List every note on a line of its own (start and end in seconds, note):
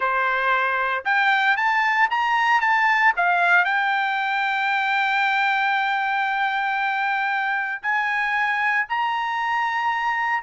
0.00 1.04 C5
1.05 1.56 G5
1.56 2.08 A5
2.10 2.60 A#5
2.60 3.13 A5
3.16 3.64 F5
3.64 7.82 G5
7.82 8.86 G#5
8.89 10.42 A#5